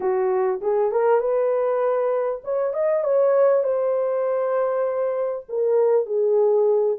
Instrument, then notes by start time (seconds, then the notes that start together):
horn
0.00 F#4
0.61 G#4
0.91 A#4
1.20 B4
2.44 C#5
2.73 D#5
3.04 C#5
3.63 C5
5.48 A#4
6.06 G#4